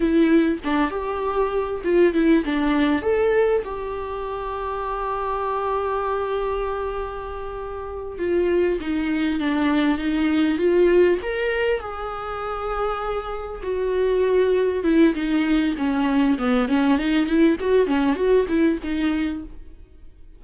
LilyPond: \new Staff \with { instrumentName = "viola" } { \time 4/4 \tempo 4 = 99 e'4 d'8 g'4. f'8 e'8 | d'4 a'4 g'2~ | g'1~ | g'4. f'4 dis'4 d'8~ |
d'8 dis'4 f'4 ais'4 gis'8~ | gis'2~ gis'8 fis'4.~ | fis'8 e'8 dis'4 cis'4 b8 cis'8 | dis'8 e'8 fis'8 cis'8 fis'8 e'8 dis'4 | }